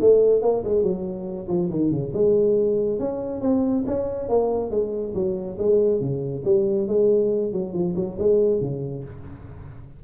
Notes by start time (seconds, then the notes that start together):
0.00 A3
0.42 A#3
0.64 G#3
0.82 F#3
1.48 F3
1.70 D#3
1.90 C#3
2.13 G#3
2.99 C#4
3.41 C4
3.86 C#4
4.29 A#3
4.70 G#3
5.14 F#3
5.58 G#3
6.00 C#3
6.44 G3
6.87 G#3
7.52 F#3
7.73 F3
7.96 F#3
8.18 G#3
8.61 C#3